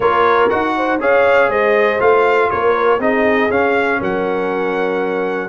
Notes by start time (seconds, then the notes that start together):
0.00 A#3 F4 A#4 C#5
0.49 D#4 F#4 F#5
0.77 C5
0.99 C#4 G#4 C#5 F5
1.48 G#3 C5 D#5
1.99 A3 F4 F5
2.50 A#3 A#4 C#5
2.98 C4 D#4 G#4 D#5
3.50 C#4 F5
4.00 F#3 A#4 F#5